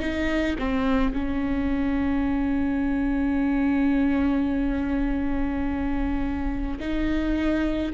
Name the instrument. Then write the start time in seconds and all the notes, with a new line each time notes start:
viola
0.00 D#4
0.59 C4
1.14 C#4
6.80 D#4